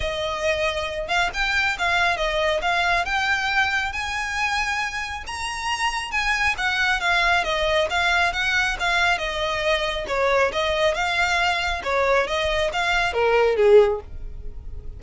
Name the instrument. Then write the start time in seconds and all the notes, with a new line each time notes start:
violin
0.00 D#5
1.07 F5
1.33 G5
1.78 F5
2.17 D#5
2.61 F5
3.05 G5
3.92 G#5
5.26 A#5
6.11 G#5
6.57 F#5
7.00 F5
7.44 D#5
7.90 F5
8.33 F#5
8.79 F5
9.18 D#5
10.07 C#5
10.52 D#5
10.94 F5
11.83 C#5
12.27 D#5
12.72 F5
13.13 A#4
13.56 G#4